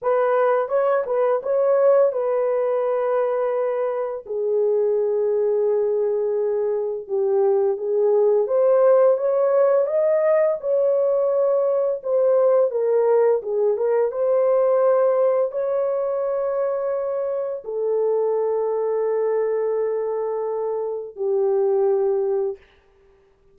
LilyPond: \new Staff \with { instrumentName = "horn" } { \time 4/4 \tempo 4 = 85 b'4 cis''8 b'8 cis''4 b'4~ | b'2 gis'2~ | gis'2 g'4 gis'4 | c''4 cis''4 dis''4 cis''4~ |
cis''4 c''4 ais'4 gis'8 ais'8 | c''2 cis''2~ | cis''4 a'2.~ | a'2 g'2 | }